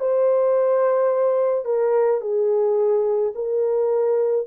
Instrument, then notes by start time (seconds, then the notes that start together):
horn
0.00 C5
1.65 A#4
2.21 G#4
3.35 A#4